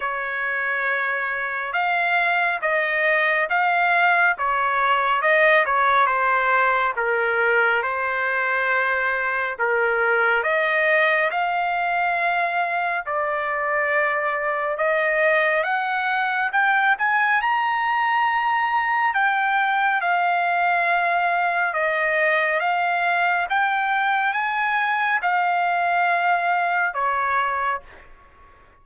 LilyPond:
\new Staff \with { instrumentName = "trumpet" } { \time 4/4 \tempo 4 = 69 cis''2 f''4 dis''4 | f''4 cis''4 dis''8 cis''8 c''4 | ais'4 c''2 ais'4 | dis''4 f''2 d''4~ |
d''4 dis''4 fis''4 g''8 gis''8 | ais''2 g''4 f''4~ | f''4 dis''4 f''4 g''4 | gis''4 f''2 cis''4 | }